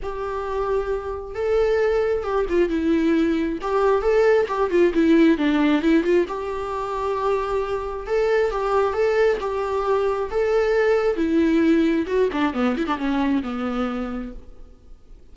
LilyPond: \new Staff \with { instrumentName = "viola" } { \time 4/4 \tempo 4 = 134 g'2. a'4~ | a'4 g'8 f'8 e'2 | g'4 a'4 g'8 f'8 e'4 | d'4 e'8 f'8 g'2~ |
g'2 a'4 g'4 | a'4 g'2 a'4~ | a'4 e'2 fis'8 d'8 | b8 e'16 d'16 cis'4 b2 | }